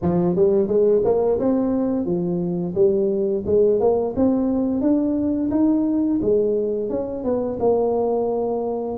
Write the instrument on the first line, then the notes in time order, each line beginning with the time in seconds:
tuba
0.02 F3
0.35 G3
0.67 G#3
1.04 A#3
1.39 C4
2.05 F3
2.75 G3
3.45 G#3
3.80 A#3
4.15 C4
4.81 D4
5.50 D#4
6.21 G#3
6.89 C#4
7.24 B3
7.59 A#3